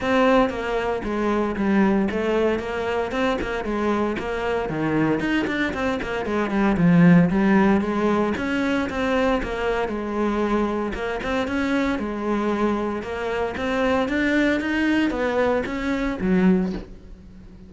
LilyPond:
\new Staff \with { instrumentName = "cello" } { \time 4/4 \tempo 4 = 115 c'4 ais4 gis4 g4 | a4 ais4 c'8 ais8 gis4 | ais4 dis4 dis'8 d'8 c'8 ais8 | gis8 g8 f4 g4 gis4 |
cis'4 c'4 ais4 gis4~ | gis4 ais8 c'8 cis'4 gis4~ | gis4 ais4 c'4 d'4 | dis'4 b4 cis'4 fis4 | }